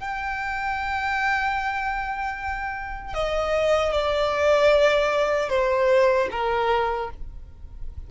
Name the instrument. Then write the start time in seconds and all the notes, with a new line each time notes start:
violin
0.00 G5
3.14 D#5
3.93 D5
5.50 C5
6.32 A#4